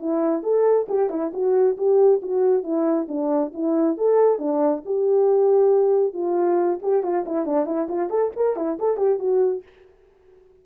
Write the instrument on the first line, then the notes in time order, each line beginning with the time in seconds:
horn
0.00 E4
0.44 A4
0.89 G4
1.10 E4
1.34 F#4
1.78 G4
2.23 F#4
2.64 E4
3.09 D4
3.54 E4
3.98 A4
4.39 D4
4.86 G4
6.14 F4
6.83 G4
7.04 F4
7.26 E4
7.46 D4
7.66 E4
7.89 F4
8.10 A4
8.36 A#4
8.57 E4
8.79 A4
8.97 G4
9.20 F#4